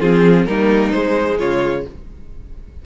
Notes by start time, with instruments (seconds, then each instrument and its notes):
0.00 cello F3, viola C4, violin F4 G#4
0.46 cello G3, viola A#3, violin D#4 A#4
0.92 viola G#3, cello G#3, violin C5
1.38 cello C#3, violin F4 C#5